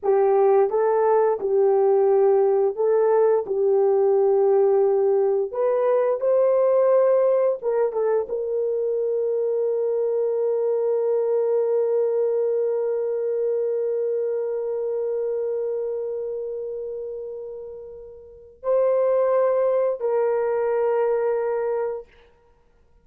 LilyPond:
\new Staff \with { instrumentName = "horn" } { \time 4/4 \tempo 4 = 87 g'4 a'4 g'2 | a'4 g'2. | b'4 c''2 ais'8 a'8 | ais'1~ |
ais'1~ | ais'1~ | ais'2. c''4~ | c''4 ais'2. | }